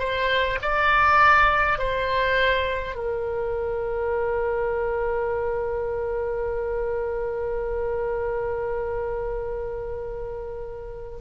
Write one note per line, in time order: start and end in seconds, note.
0.00 0.59 C5
0.63 1.79 D5
1.79 2.96 C5
2.96 11.19 A#4